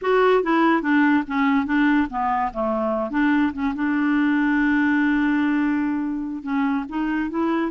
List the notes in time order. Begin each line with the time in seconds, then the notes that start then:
0.01 F#4
0.43 E4
0.82 D4
1.27 C#4
1.66 D4
2.09 B3
2.53 A3
3.10 D4
3.53 C#4
3.74 D4
6.43 C#4
6.88 D#4
7.30 E4